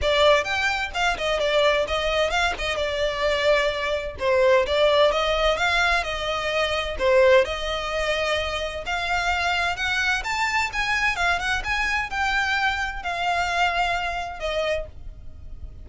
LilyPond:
\new Staff \with { instrumentName = "violin" } { \time 4/4 \tempo 4 = 129 d''4 g''4 f''8 dis''8 d''4 | dis''4 f''8 dis''8 d''2~ | d''4 c''4 d''4 dis''4 | f''4 dis''2 c''4 |
dis''2. f''4~ | f''4 fis''4 a''4 gis''4 | f''8 fis''8 gis''4 g''2 | f''2. dis''4 | }